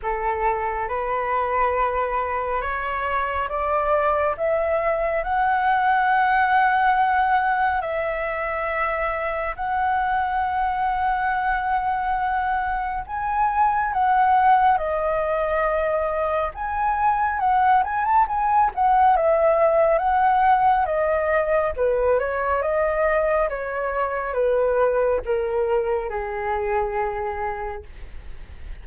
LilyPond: \new Staff \with { instrumentName = "flute" } { \time 4/4 \tempo 4 = 69 a'4 b'2 cis''4 | d''4 e''4 fis''2~ | fis''4 e''2 fis''4~ | fis''2. gis''4 |
fis''4 dis''2 gis''4 | fis''8 gis''16 a''16 gis''8 fis''8 e''4 fis''4 | dis''4 b'8 cis''8 dis''4 cis''4 | b'4 ais'4 gis'2 | }